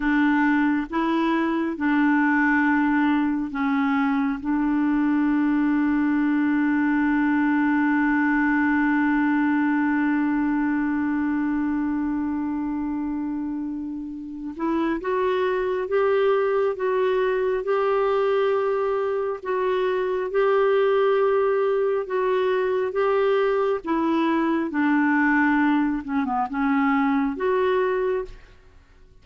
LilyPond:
\new Staff \with { instrumentName = "clarinet" } { \time 4/4 \tempo 4 = 68 d'4 e'4 d'2 | cis'4 d'2.~ | d'1~ | d'1~ |
d'8 e'8 fis'4 g'4 fis'4 | g'2 fis'4 g'4~ | g'4 fis'4 g'4 e'4 | d'4. cis'16 b16 cis'4 fis'4 | }